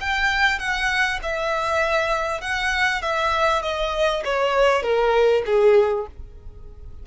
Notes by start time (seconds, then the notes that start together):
0.00 G5
0.59 F#5
1.22 E5
2.41 F#5
3.01 E5
3.62 D#5
4.24 C#5
4.82 A#4
5.45 G#4